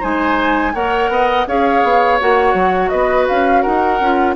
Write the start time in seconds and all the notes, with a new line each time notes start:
0.00 G#3 D#4 C5 G#5
0.74 A#3 A#4 C#5 F#5
1.09 B3 D#5
1.47 C#4 G#4 C#5 F5
1.84 B3
2.20 A#3 F#4 F#5
2.54 F#3
2.89 B3 B4 D#5
3.28 C#4 F5
3.62 D#4 A#4 F#5
4.01 C#4 F4